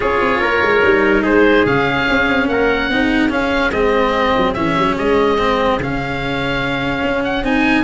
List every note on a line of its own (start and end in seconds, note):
0.00 0.20 C#4
0.00 0.79 F4
0.00 0.40 G#4
0.00 1.23 C#5
0.20 0.40 C4
0.40 0.61 A#3
0.40 1.22 A#4
0.61 0.82 G#3
0.84 1.23 G3
0.84 1.67 D#4
1.23 1.64 G#3
1.23 2.47 G#4
1.23 1.66 C5
1.65 2.06 C#3
1.65 2.91 C#4
1.65 2.48 F5
2.09 2.29 C#4
2.29 2.47 C4
2.47 2.89 A#3
2.47 2.91 A#4
2.47 3.31 F#5
2.89 3.30 C4
2.89 3.29 D#4
2.89 7.84 G#4
3.29 3.71 C#4
3.29 3.72 F5
3.71 4.33 G#3
3.71 4.55 C4
3.71 4.53 D#5
4.37 4.56 F#3
4.53 4.77 E3
4.53 5.38 C#4
4.53 4.95 E5
4.77 4.97 F#3
4.97 5.78 G#3
4.97 5.80 D#5
5.38 5.79 C4
5.78 7.02 C#3
5.78 7.44 C#4
5.78 7.24 F5
7.03 7.42 C#4
7.24 7.44 F#5
7.42 7.84 C4
7.42 7.84 D#4
7.42 7.84 G#5